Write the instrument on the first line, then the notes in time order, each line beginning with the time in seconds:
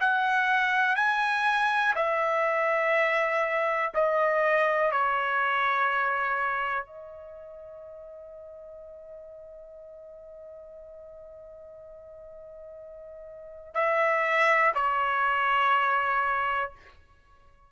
trumpet
0.00 F#5
0.96 G#5
1.95 E5
3.94 D#5
4.91 C#5
6.86 D#5
13.74 E5
14.74 C#5